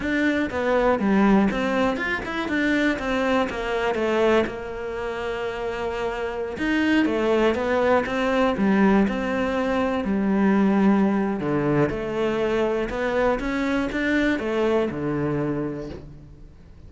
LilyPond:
\new Staff \with { instrumentName = "cello" } { \time 4/4 \tempo 4 = 121 d'4 b4 g4 c'4 | f'8 e'8 d'4 c'4 ais4 | a4 ais2.~ | ais4~ ais16 dis'4 a4 b8.~ |
b16 c'4 g4 c'4.~ c'16~ | c'16 g2~ g8. d4 | a2 b4 cis'4 | d'4 a4 d2 | }